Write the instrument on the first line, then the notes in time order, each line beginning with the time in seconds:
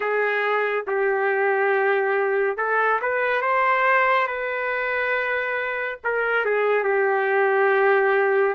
trumpet
0.00 G#4
0.86 G4
2.57 A4
3.01 B4
3.41 C5
4.27 B4
6.04 A#4
6.45 G#4
6.83 G4